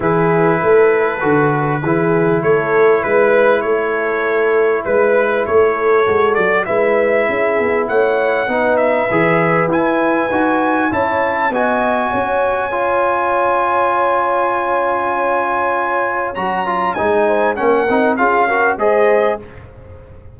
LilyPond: <<
  \new Staff \with { instrumentName = "trumpet" } { \time 4/4 \tempo 4 = 99 b'1 | cis''4 b'4 cis''2 | b'4 cis''4. d''8 e''4~ | e''4 fis''4. e''4. |
gis''2 a''4 gis''4~ | gis''1~ | gis''2. ais''4 | gis''4 fis''4 f''4 dis''4 | }
  \new Staff \with { instrumentName = "horn" } { \time 4/4 gis'4 a'2 gis'4 | a'4 b'4 a'2 | b'4 a'2 b'4 | gis'4 cis''4 b'2~ |
b'2 cis''4 dis''4 | cis''1~ | cis''1~ | cis''8 c''8 ais'4 gis'8 ais'8 c''4 | }
  \new Staff \with { instrumentName = "trombone" } { \time 4/4 e'2 fis'4 e'4~ | e'1~ | e'2 fis'4 e'4~ | e'2 dis'4 gis'4 |
e'4 fis'4 e'4 fis'4~ | fis'4 f'2.~ | f'2. fis'8 f'8 | dis'4 cis'8 dis'8 f'8 fis'8 gis'4 | }
  \new Staff \with { instrumentName = "tuba" } { \time 4/4 e4 a4 d4 e4 | a4 gis4 a2 | gis4 a4 gis8 fis8 gis4 | cis'8 b8 a4 b4 e4 |
e'4 dis'4 cis'4 b4 | cis'1~ | cis'2. fis4 | gis4 ais8 c'8 cis'4 gis4 | }
>>